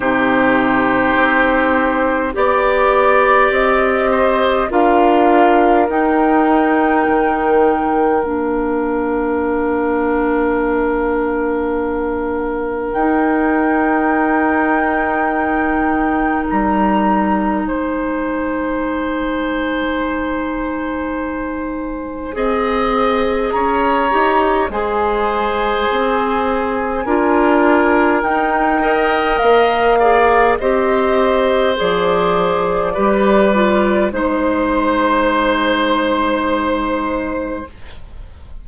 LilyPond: <<
  \new Staff \with { instrumentName = "flute" } { \time 4/4 \tempo 4 = 51 c''2 d''4 dis''4 | f''4 g''2 f''4~ | f''2. g''4~ | g''2 ais''4 gis''4~ |
gis''1 | ais''4 gis''2. | g''4 f''4 dis''4 d''4~ | d''4 c''2. | }
  \new Staff \with { instrumentName = "oboe" } { \time 4/4 g'2 d''4. c''8 | ais'1~ | ais'1~ | ais'2. c''4~ |
c''2. dis''4 | cis''4 c''2 ais'4~ | ais'8 dis''4 d''8 c''2 | b'4 c''2. | }
  \new Staff \with { instrumentName = "clarinet" } { \time 4/4 dis'2 g'2 | f'4 dis'2 d'4~ | d'2. dis'4~ | dis'1~ |
dis'2. gis'4~ | gis'8 g'8 gis'2 f'4 | dis'8 ais'4 gis'8 g'4 gis'4 | g'8 f'8 dis'2. | }
  \new Staff \with { instrumentName = "bassoon" } { \time 4/4 c4 c'4 b4 c'4 | d'4 dis'4 dis4 ais4~ | ais2. dis'4~ | dis'2 g4 gis4~ |
gis2. c'4 | cis'8 dis'8 gis4 c'4 d'4 | dis'4 ais4 c'4 f4 | g4 gis2. | }
>>